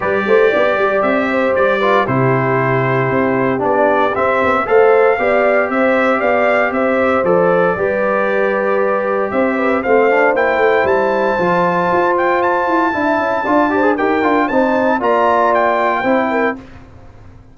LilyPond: <<
  \new Staff \with { instrumentName = "trumpet" } { \time 4/4 \tempo 4 = 116 d''2 e''4 d''4 | c''2. d''4 | e''4 f''2 e''4 | f''4 e''4 d''2~ |
d''2 e''4 f''4 | g''4 a''2~ a''8 g''8 | a''2. g''4 | a''4 ais''4 g''2 | }
  \new Staff \with { instrumentName = "horn" } { \time 4/4 b'8 c''8 d''4. c''4 b'8 | g'1~ | g'4 c''4 d''4 c''4 | d''4 c''2 b'4~ |
b'2 c''8 b'8 c''4~ | c''1~ | c''4 e''4 d''8 c''8 ais'4 | c''4 d''2 c''8 ais'8 | }
  \new Staff \with { instrumentName = "trombone" } { \time 4/4 g'2.~ g'8 f'8 | e'2. d'4 | c'4 a'4 g'2~ | g'2 a'4 g'4~ |
g'2. c'8 d'8 | e'2 f'2~ | f'4 e'4 f'8 g'16 gis'16 g'8 f'8 | dis'4 f'2 e'4 | }
  \new Staff \with { instrumentName = "tuba" } { \time 4/4 g8 a8 b8 g8 c'4 g4 | c2 c'4 b4 | c'8 b8 a4 b4 c'4 | b4 c'4 f4 g4~ |
g2 c'4 a4 | ais8 a8 g4 f4 f'4~ | f'8 e'8 d'8 cis'8 d'4 dis'8 d'8 | c'4 ais2 c'4 | }
>>